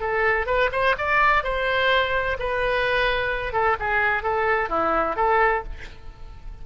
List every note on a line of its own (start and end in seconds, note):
0.00 0.46 A4
0.46 0.70 B4
0.72 0.95 C5
0.98 1.43 D5
1.43 2.37 C5
2.39 3.53 B4
3.53 3.76 A4
3.79 4.23 G#4
4.23 4.69 A4
4.69 5.16 E4
5.16 5.63 A4